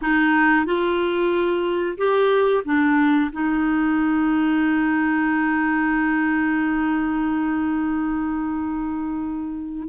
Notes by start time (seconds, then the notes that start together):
0.01 D#4
0.65 F4
1.98 G4
2.65 D4
3.31 D#4